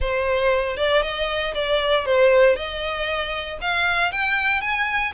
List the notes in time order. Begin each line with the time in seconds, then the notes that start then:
0.00 C5
0.76 D5
1.02 D#5
1.54 D5
2.05 C5
2.55 D#5
3.61 F5
4.12 G5
4.61 G#5